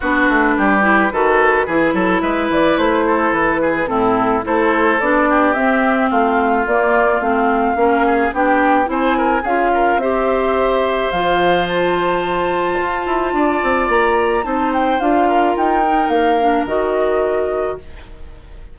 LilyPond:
<<
  \new Staff \with { instrumentName = "flute" } { \time 4/4 \tempo 4 = 108 b'1 | e''8 d''8 c''4 b'4 a'4 | c''4 d''4 e''4 f''4 | d''4 f''2 g''4 |
gis''4 f''4 e''2 | f''4 a''2.~ | a''4 ais''4 a''8 g''8 f''4 | g''4 f''4 dis''2 | }
  \new Staff \with { instrumentName = "oboe" } { \time 4/4 fis'4 g'4 a'4 gis'8 a'8 | b'4. a'4 gis'8 e'4 | a'4. g'4. f'4~ | f'2 ais'8 gis'8 g'4 |
c''8 ais'8 gis'8 ais'8 c''2~ | c''1 | d''2 c''4. ais'8~ | ais'1 | }
  \new Staff \with { instrumentName = "clarinet" } { \time 4/4 d'4. e'8 fis'4 e'4~ | e'2. c'4 | e'4 d'4 c'2 | ais4 c'4 cis'4 d'4 |
e'4 f'4 g'2 | f'1~ | f'2 dis'4 f'4~ | f'8 dis'4 d'8 fis'2 | }
  \new Staff \with { instrumentName = "bassoon" } { \time 4/4 b8 a8 g4 dis4 e8 fis8 | gis8 e8 a4 e4 a,4 | a4 b4 c'4 a4 | ais4 a4 ais4 b4 |
c'4 cis'4 c'2 | f2. f'8 e'8 | d'8 c'8 ais4 c'4 d'4 | dis'4 ais4 dis2 | }
>>